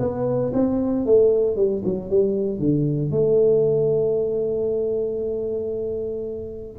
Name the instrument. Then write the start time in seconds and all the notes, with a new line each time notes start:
tuba
0.00 B3
0.54 C4
1.06 A3
1.56 G3
1.85 F#3
2.10 G3
2.59 D3
3.11 A3